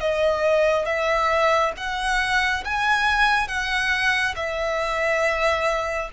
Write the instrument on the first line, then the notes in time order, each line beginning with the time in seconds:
violin
0.00 D#5
0.85 E5
1.77 F#5
2.64 G#5
3.48 F#5
4.36 E5